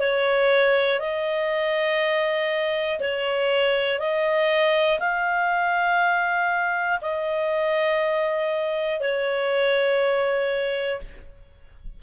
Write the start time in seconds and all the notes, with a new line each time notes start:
0.00 C#5
1.00 D#5
3.00 C#5
4.00 D#5
5.00 F5
7.01 D#5
9.00 C#5